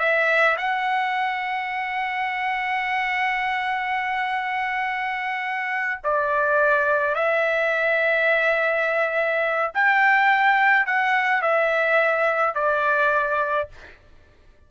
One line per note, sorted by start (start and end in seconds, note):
0.00 0.57 E5
0.58 6.01 F#5
6.04 7.16 D5
7.16 9.73 E5
9.75 10.87 G5
10.87 11.42 F#5
11.42 12.55 E5
12.55 13.70 D5